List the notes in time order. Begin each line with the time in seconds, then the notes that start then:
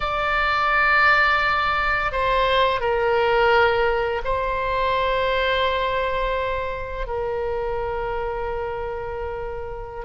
0.00 D5
2.11 C5
2.80 A#4
4.24 C5
7.06 A#4